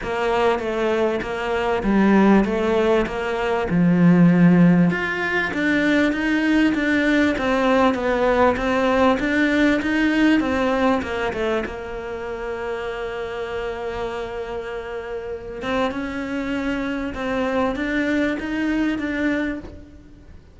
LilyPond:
\new Staff \with { instrumentName = "cello" } { \time 4/4 \tempo 4 = 98 ais4 a4 ais4 g4 | a4 ais4 f2 | f'4 d'4 dis'4 d'4 | c'4 b4 c'4 d'4 |
dis'4 c'4 ais8 a8 ais4~ | ais1~ | ais4. c'8 cis'2 | c'4 d'4 dis'4 d'4 | }